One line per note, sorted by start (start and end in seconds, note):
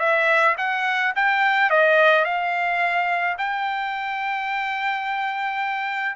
0.00 0.56 E5
0.58 1.14 F#5
1.16 1.71 G5
1.71 2.25 D#5
2.25 3.37 F5
3.38 6.16 G5